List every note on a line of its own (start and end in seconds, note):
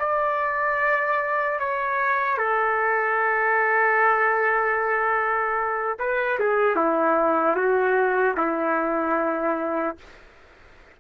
0.00 1.60 D5
1.60 2.38 C#5
2.38 5.98 A4
5.99 6.39 B4
6.40 6.76 G#4
6.76 7.56 E4
7.56 8.36 F#4
8.37 9.97 E4